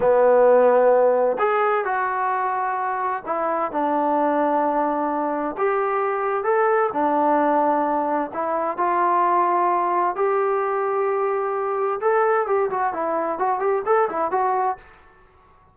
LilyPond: \new Staff \with { instrumentName = "trombone" } { \time 4/4 \tempo 4 = 130 b2. gis'4 | fis'2. e'4 | d'1 | g'2 a'4 d'4~ |
d'2 e'4 f'4~ | f'2 g'2~ | g'2 a'4 g'8 fis'8 | e'4 fis'8 g'8 a'8 e'8 fis'4 | }